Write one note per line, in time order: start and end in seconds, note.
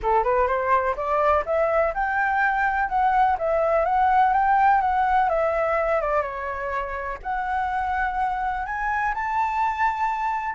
0.02 0.23 A4
0.23 0.47 B4
0.47 0.95 C5
0.96 1.44 D5
1.45 1.93 E5
1.94 2.88 G5
2.88 3.36 F#5
3.38 3.85 E5
3.85 4.33 F#5
4.33 4.81 G5
4.81 5.29 F#5
5.29 6.01 E5
6.01 6.22 D5
6.22 7.18 C#5
7.23 8.65 F#5
8.65 9.13 G#5
9.14 10.55 A5